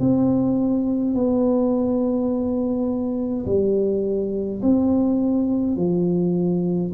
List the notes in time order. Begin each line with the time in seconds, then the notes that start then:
0.00 C4
1.15 B3
3.46 G3
4.63 C4
5.77 F3